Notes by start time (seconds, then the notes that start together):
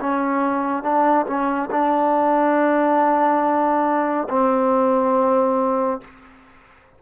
0.00 C#4
0.83 D4
1.26 C#4
1.70 D4
4.29 C4